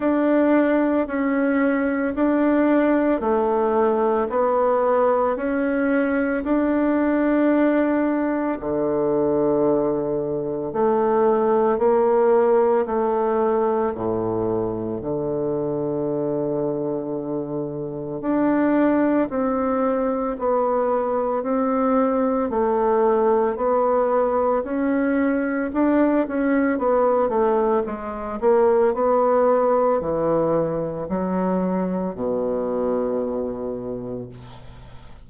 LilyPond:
\new Staff \with { instrumentName = "bassoon" } { \time 4/4 \tempo 4 = 56 d'4 cis'4 d'4 a4 | b4 cis'4 d'2 | d2 a4 ais4 | a4 a,4 d2~ |
d4 d'4 c'4 b4 | c'4 a4 b4 cis'4 | d'8 cis'8 b8 a8 gis8 ais8 b4 | e4 fis4 b,2 | }